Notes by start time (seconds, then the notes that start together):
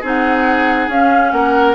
0.00 C4 D#4 G#4 F#5
0.88 C#4 F5
1.31 A#3 A#4 F#5